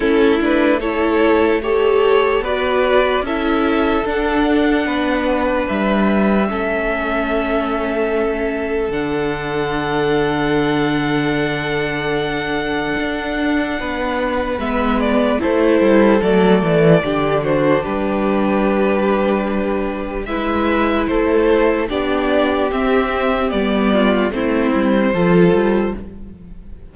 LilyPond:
<<
  \new Staff \with { instrumentName = "violin" } { \time 4/4 \tempo 4 = 74 a'8 b'8 cis''4 a'4 d''4 | e''4 fis''2 e''4~ | e''2. fis''4~ | fis''1~ |
fis''2 e''8 d''8 c''4 | d''4. c''8 b'2~ | b'4 e''4 c''4 d''4 | e''4 d''4 c''2 | }
  \new Staff \with { instrumentName = "violin" } { \time 4/4 e'4 a'4 cis''4 b'4 | a'2 b'2 | a'1~ | a'1~ |
a'4 b'2 a'4~ | a'4 g'8 fis'8 g'2~ | g'4 b'4 a'4 g'4~ | g'4. f'8 e'4 a'4 | }
  \new Staff \with { instrumentName = "viola" } { \time 4/4 cis'8 d'8 e'4 g'4 fis'4 | e'4 d'2. | cis'2. d'4~ | d'1~ |
d'2 b4 e'4 | a4 d'2.~ | d'4 e'2 d'4 | c'4 b4 c'4 f'4 | }
  \new Staff \with { instrumentName = "cello" } { \time 4/4 a2. b4 | cis'4 d'4 b4 g4 | a2. d4~ | d1 |
d'4 b4 gis4 a8 g8 | fis8 e8 d4 g2~ | g4 gis4 a4 b4 | c'4 g4 a8 g8 f8 g8 | }
>>